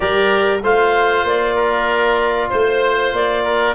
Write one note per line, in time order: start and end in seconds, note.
0.00 0.62 G3
0.00 0.59 G4
0.00 0.62 A#4
0.00 0.60 D5
0.62 1.23 A3
0.62 3.74 F4
0.62 1.55 C5
0.62 1.27 F5
1.23 2.48 A#3
1.23 2.50 D5
1.55 2.48 A#4
2.49 3.12 A3
2.49 3.43 C5
2.49 3.12 C5
3.12 3.74 A#3
3.12 3.74 D5
3.44 3.74 A#4